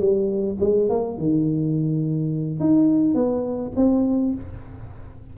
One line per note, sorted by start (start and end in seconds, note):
0.00 0.58 G3
0.61 0.89 G#3
0.89 1.18 A#3
1.18 2.60 D#3
2.60 3.15 D#4
3.15 3.72 B3
3.77 4.34 C4